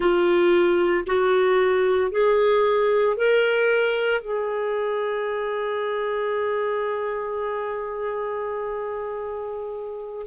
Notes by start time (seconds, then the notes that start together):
0.00 F4
1.06 F#4
2.11 G#4
3.16 A#4
4.21 G#4